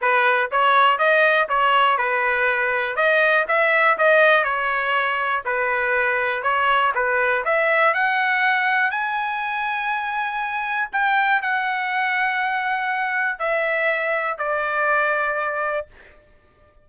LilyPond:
\new Staff \with { instrumentName = "trumpet" } { \time 4/4 \tempo 4 = 121 b'4 cis''4 dis''4 cis''4 | b'2 dis''4 e''4 | dis''4 cis''2 b'4~ | b'4 cis''4 b'4 e''4 |
fis''2 gis''2~ | gis''2 g''4 fis''4~ | fis''2. e''4~ | e''4 d''2. | }